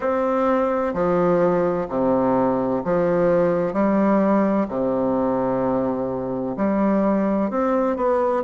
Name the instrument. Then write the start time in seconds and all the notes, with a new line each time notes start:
bassoon
0.00 C4
0.93 F3
1.88 C3
2.84 F3
3.73 G3
4.68 C3
6.56 G3
7.50 C4
7.96 B3